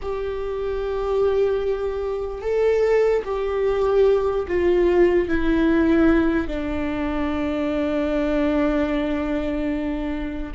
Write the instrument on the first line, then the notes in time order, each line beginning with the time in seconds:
viola
0.01 G4
2.41 A4
3.24 G4
4.47 F4
5.28 E4
6.47 D4